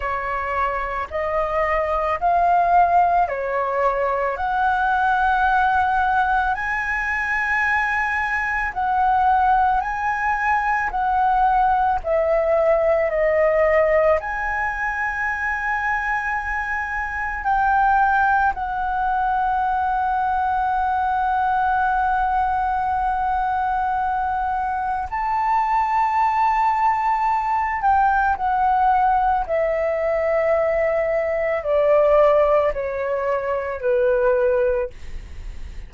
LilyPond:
\new Staff \with { instrumentName = "flute" } { \time 4/4 \tempo 4 = 55 cis''4 dis''4 f''4 cis''4 | fis''2 gis''2 | fis''4 gis''4 fis''4 e''4 | dis''4 gis''2. |
g''4 fis''2.~ | fis''2. a''4~ | a''4. g''8 fis''4 e''4~ | e''4 d''4 cis''4 b'4 | }